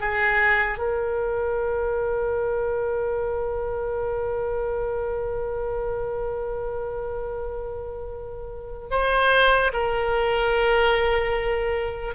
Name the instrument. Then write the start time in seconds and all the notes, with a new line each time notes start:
oboe
0.00 G#4
0.79 A#4
8.91 C5
9.74 A#4